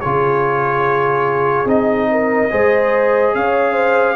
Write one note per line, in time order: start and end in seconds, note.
0.00 1.65 C#3
0.00 1.66 F4
0.00 2.10 G#4
0.00 1.67 C#5
1.65 2.48 C4
1.65 2.49 D#4
1.65 3.34 D#5
2.11 2.51 A#4
2.50 3.34 G#3
2.50 4.16 G#4
2.50 3.34 C5
3.34 4.16 C#4
3.34 3.73 C#5
3.34 4.16 F5
3.73 4.14 C5